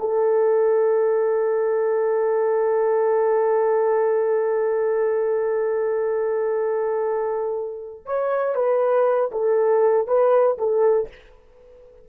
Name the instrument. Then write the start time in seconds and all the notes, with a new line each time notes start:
horn
0.00 A4
8.06 C#5
8.55 B4
9.32 A4
10.07 B4
10.58 A4